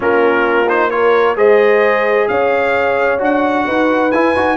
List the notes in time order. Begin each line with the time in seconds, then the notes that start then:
0.00 A#3 C#4 F4 A#4
0.69 D#4 C5
0.90 F4 A#4 C#5
1.35 G#3 G#4 C5 D#5
2.28 C#4 C#5 F5
3.18 D4 F#4 F#5
3.64 D#4 B4
4.11 E4 G#5
4.35 D#4 F#4